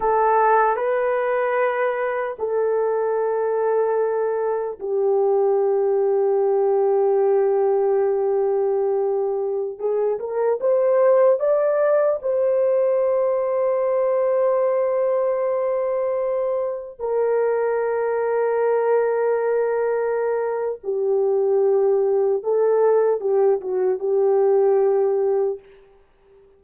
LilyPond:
\new Staff \with { instrumentName = "horn" } { \time 4/4 \tempo 4 = 75 a'4 b'2 a'4~ | a'2 g'2~ | g'1~ | g'16 gis'8 ais'8 c''4 d''4 c''8.~ |
c''1~ | c''4~ c''16 ais'2~ ais'8.~ | ais'2 g'2 | a'4 g'8 fis'8 g'2 | }